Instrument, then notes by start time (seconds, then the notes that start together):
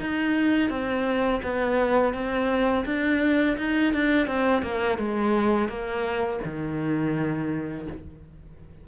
cello
0.00 D#4
0.69 C4
1.43 B3
2.14 C4
2.85 D4
3.57 D#4
3.94 D4
4.27 C4
4.62 A#3
4.98 G#3
5.69 A#3
6.44 D#3